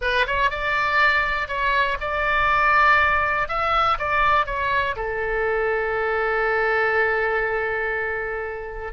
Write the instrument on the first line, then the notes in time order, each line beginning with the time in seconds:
oboe
0.01 B4
0.26 C#5
0.50 D5
1.48 C#5
2.00 D5
3.48 E5
3.98 D5
4.46 C#5
4.96 A4